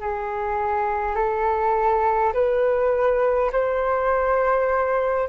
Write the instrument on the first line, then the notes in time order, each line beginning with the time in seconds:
flute
0.00 G#4
1.15 A4
2.33 B4
3.52 C5